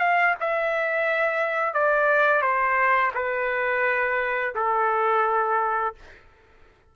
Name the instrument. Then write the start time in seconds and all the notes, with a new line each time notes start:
trumpet
0.00 F5
0.40 E5
1.74 D5
2.42 C5
3.15 B4
4.55 A4